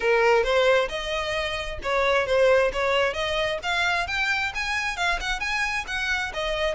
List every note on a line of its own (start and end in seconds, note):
0.00 0.43 A#4
0.43 0.88 C5
0.88 1.78 D#5
1.83 2.26 C#5
2.26 2.71 C5
2.72 3.13 C#5
3.13 3.58 D#5
3.62 4.07 F5
4.07 4.52 G5
4.54 4.96 G#5
4.96 5.19 F5
5.20 5.40 F#5
5.40 5.85 G#5
5.87 6.32 F#5
6.33 6.74 D#5